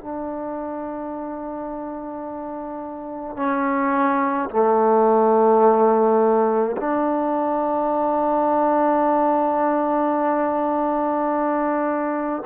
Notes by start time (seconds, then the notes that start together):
0.00 D4
3.36 C#4
4.50 A3
6.77 D4